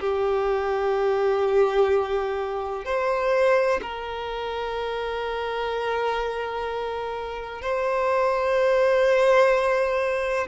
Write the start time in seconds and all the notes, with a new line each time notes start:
0.00 G4
2.85 C5
3.82 A#4
7.62 C5